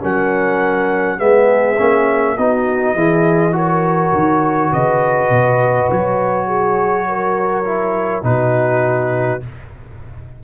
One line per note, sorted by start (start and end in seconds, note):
0.00 1.20 F#3
0.00 1.17 C#4
0.00 1.18 A#4
0.00 1.19 F#5
1.17 1.78 G#3
1.17 1.76 B3
1.17 2.35 G#4
1.17 2.37 E5
1.78 2.37 A#3
1.78 2.37 C#4
2.37 2.95 B3
2.37 2.96 D#4
2.37 2.95 F#4
2.37 3.55 D#5
2.95 4.12 E3
2.95 3.52 E4
2.95 3.54 G#4
3.52 7.64 F#4
3.52 4.72 A#4
3.52 4.73 C#5
4.13 4.72 D#3
4.72 5.29 C#3
4.72 6.47 B4
4.72 5.90 D#5
5.29 5.88 B2
5.91 8.23 F#3
5.91 8.24 C#5
6.47 7.06 G#4
7.08 8.25 A#4
7.65 8.22 E4
8.22 9.40 B2
8.22 9.40 D#4
8.22 9.43 F#4
8.22 9.42 B4